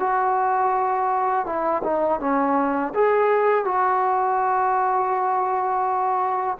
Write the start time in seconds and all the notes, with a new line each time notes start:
0.00 F#4
1.46 E4
1.84 D#4
2.21 C#4
2.95 G#4
3.65 F#4